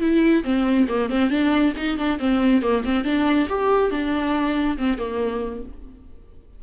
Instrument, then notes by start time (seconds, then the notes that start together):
viola
0.00 E4
0.44 C4
0.88 A#3
1.09 C4
1.29 D4
1.76 D#4
1.97 D4
2.19 C4
2.62 A#3
2.84 C4
3.04 D4
3.48 G4
3.90 D4
4.77 C4
4.97 A#3